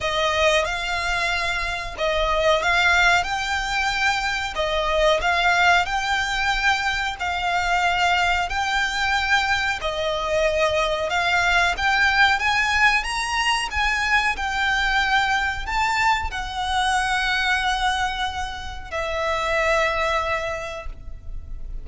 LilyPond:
\new Staff \with { instrumentName = "violin" } { \time 4/4 \tempo 4 = 92 dis''4 f''2 dis''4 | f''4 g''2 dis''4 | f''4 g''2 f''4~ | f''4 g''2 dis''4~ |
dis''4 f''4 g''4 gis''4 | ais''4 gis''4 g''2 | a''4 fis''2.~ | fis''4 e''2. | }